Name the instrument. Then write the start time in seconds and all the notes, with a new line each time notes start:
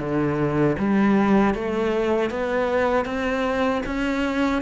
cello
0.00 D3
0.79 G3
1.55 A3
2.31 B3
3.06 C4
3.86 C#4